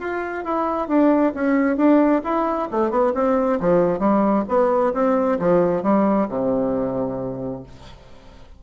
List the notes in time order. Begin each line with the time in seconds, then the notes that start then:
0.00 F4
0.45 E4
0.88 D4
1.35 C#4
1.77 D4
2.24 E4
2.71 A3
2.91 B3
3.15 C4
3.60 F3
4.00 G3
4.49 B3
4.94 C4
5.39 F3
5.83 G3
6.29 C3